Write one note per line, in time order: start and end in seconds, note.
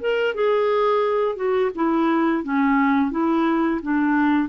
0.00 0.35 A#4
0.35 1.36 G#4
1.36 1.71 F#4
1.75 2.44 E4
2.44 3.11 C#4
3.11 3.81 E4
3.82 4.49 D4